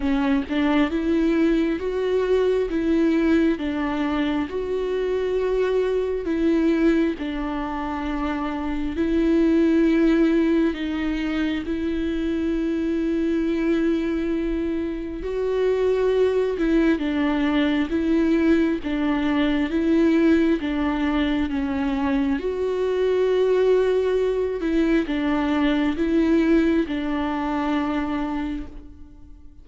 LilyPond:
\new Staff \with { instrumentName = "viola" } { \time 4/4 \tempo 4 = 67 cis'8 d'8 e'4 fis'4 e'4 | d'4 fis'2 e'4 | d'2 e'2 | dis'4 e'2.~ |
e'4 fis'4. e'8 d'4 | e'4 d'4 e'4 d'4 | cis'4 fis'2~ fis'8 e'8 | d'4 e'4 d'2 | }